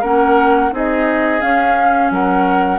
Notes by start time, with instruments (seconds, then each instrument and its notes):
0.00 bassoon A#3, clarinet C#4, oboe A#4, flute F#5
0.71 bassoon C4, clarinet D#4, oboe G#4, flute D#5
1.40 clarinet C#4, bassoon C#4, flute F5
2.10 bassoon F#3, oboe A#4, flute F#5